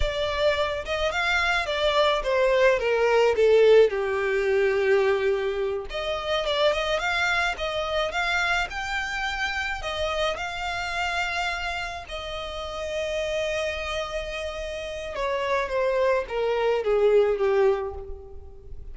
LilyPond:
\new Staff \with { instrumentName = "violin" } { \time 4/4 \tempo 4 = 107 d''4. dis''8 f''4 d''4 | c''4 ais'4 a'4 g'4~ | g'2~ g'8 dis''4 d''8 | dis''8 f''4 dis''4 f''4 g''8~ |
g''4. dis''4 f''4.~ | f''4. dis''2~ dis''8~ | dis''2. cis''4 | c''4 ais'4 gis'4 g'4 | }